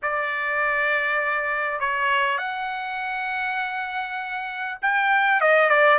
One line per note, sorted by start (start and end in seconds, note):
0.02 1.80 D5
1.80 2.38 C#5
2.38 4.78 F#5
4.82 5.41 G5
5.41 5.69 D#5
5.69 5.98 D5